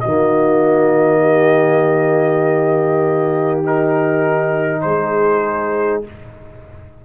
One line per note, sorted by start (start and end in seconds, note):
0.00 4.84 D#3
0.00 3.64 A#3
0.00 1.21 F#4
0.00 3.60 D#5
1.21 4.81 G4
3.64 6.04 D#4
3.64 4.81 A#4
4.81 6.04 G#3
4.81 6.04 G#4
4.81 6.01 C5